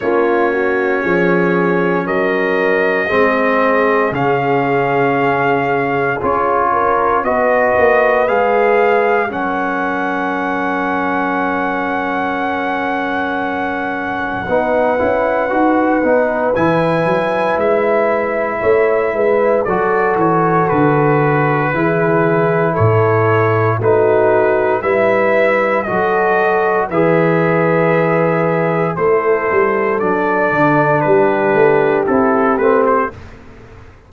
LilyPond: <<
  \new Staff \with { instrumentName = "trumpet" } { \time 4/4 \tempo 4 = 58 cis''2 dis''2 | f''2 cis''4 dis''4 | f''4 fis''2.~ | fis''1 |
gis''4 e''2 d''8 cis''8 | b'2 cis''4 b'4 | e''4 dis''4 e''2 | c''4 d''4 b'4 a'8 b'16 c''16 | }
  \new Staff \with { instrumentName = "horn" } { \time 4/4 f'8 fis'8 gis'4 ais'4 gis'4~ | gis'2~ gis'8 ais'8 b'4~ | b'4 ais'2.~ | ais'2 b'2~ |
b'2 cis''8 b'8 a'4~ | a'4 gis'4 a'4 fis'4 | b'4 a'4 b'2 | a'2 g'2 | }
  \new Staff \with { instrumentName = "trombone" } { \time 4/4 cis'2. c'4 | cis'2 f'4 fis'4 | gis'4 cis'2.~ | cis'2 dis'8 e'8 fis'8 dis'8 |
e'2. fis'4~ | fis'4 e'2 dis'4 | e'4 fis'4 gis'2 | e'4 d'2 e'8 c'8 | }
  \new Staff \with { instrumentName = "tuba" } { \time 4/4 ais4 f4 fis4 gis4 | cis2 cis'4 b8 ais8 | gis4 fis2.~ | fis2 b8 cis'8 dis'8 b8 |
e8 fis8 gis4 a8 gis8 fis8 e8 | d4 e4 a,4 a4 | g4 fis4 e2 | a8 g8 fis8 d8 g8 a8 c'8 a8 | }
>>